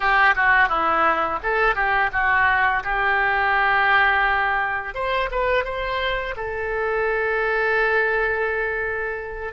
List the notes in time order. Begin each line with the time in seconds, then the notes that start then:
0.00 G4
0.35 F#4
0.69 E4
1.42 A4
1.75 G4
2.12 F#4
2.83 G4
4.94 C5
5.31 B4
5.64 C5
6.36 A4